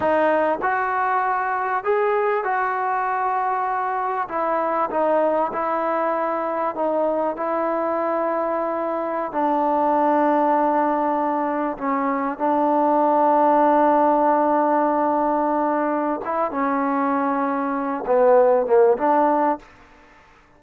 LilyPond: \new Staff \with { instrumentName = "trombone" } { \time 4/4 \tempo 4 = 98 dis'4 fis'2 gis'4 | fis'2. e'4 | dis'4 e'2 dis'4 | e'2.~ e'16 d'8.~ |
d'2.~ d'16 cis'8.~ | cis'16 d'2.~ d'8.~ | d'2~ d'8 e'8 cis'4~ | cis'4. b4 ais8 d'4 | }